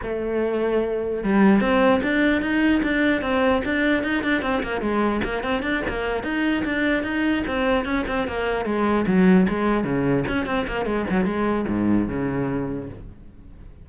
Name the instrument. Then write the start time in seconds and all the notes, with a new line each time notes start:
cello
0.02 A3
1.23 G3
1.60 C4
2.02 D4
2.41 D#4
2.82 D4
3.21 C4
3.64 D4
4.03 D#4
4.23 D4
4.42 C4
4.62 A#3
4.81 G#3
5.23 A#3
5.43 C4
5.62 D4
5.88 A#3
6.23 D#4
6.65 D4
7.03 D#4
7.47 C4
7.85 C#4
8.07 C4
8.27 A#3
8.65 G#3
9.06 F#3
9.48 G#3
9.84 C#3
10.27 C#4
10.46 C4
10.67 A#3
10.85 G#3
11.10 F#3
11.25 G#3
11.68 G#2
12.08 C#3